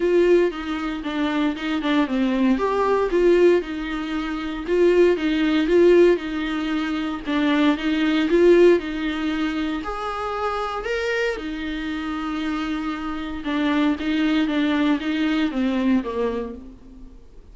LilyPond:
\new Staff \with { instrumentName = "viola" } { \time 4/4 \tempo 4 = 116 f'4 dis'4 d'4 dis'8 d'8 | c'4 g'4 f'4 dis'4~ | dis'4 f'4 dis'4 f'4 | dis'2 d'4 dis'4 |
f'4 dis'2 gis'4~ | gis'4 ais'4 dis'2~ | dis'2 d'4 dis'4 | d'4 dis'4 c'4 ais4 | }